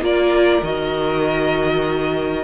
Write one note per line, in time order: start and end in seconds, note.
0.00 0.61 A#3
0.00 0.62 F4
0.00 2.44 A#4
0.00 0.63 D5
0.62 2.44 D#3
0.62 2.44 F#4
0.62 2.44 D#5